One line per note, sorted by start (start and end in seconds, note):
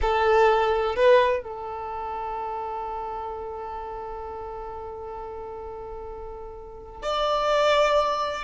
0.01 0.95 A4
0.95 1.43 B4
1.43 7.02 A4
7.02 8.44 D5